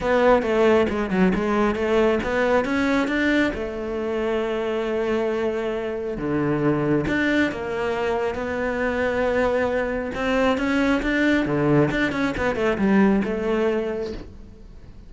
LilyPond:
\new Staff \with { instrumentName = "cello" } { \time 4/4 \tempo 4 = 136 b4 a4 gis8 fis8 gis4 | a4 b4 cis'4 d'4 | a1~ | a2 d2 |
d'4 ais2 b4~ | b2. c'4 | cis'4 d'4 d4 d'8 cis'8 | b8 a8 g4 a2 | }